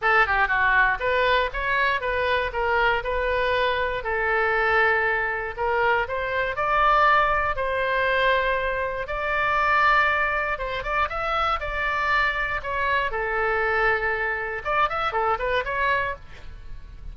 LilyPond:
\new Staff \with { instrumentName = "oboe" } { \time 4/4 \tempo 4 = 119 a'8 g'8 fis'4 b'4 cis''4 | b'4 ais'4 b'2 | a'2. ais'4 | c''4 d''2 c''4~ |
c''2 d''2~ | d''4 c''8 d''8 e''4 d''4~ | d''4 cis''4 a'2~ | a'4 d''8 e''8 a'8 b'8 cis''4 | }